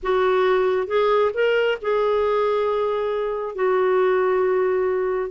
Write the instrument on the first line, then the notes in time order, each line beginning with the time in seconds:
clarinet
0.02 F#4
0.87 G#4
1.34 A#4
1.81 G#4
3.55 F#4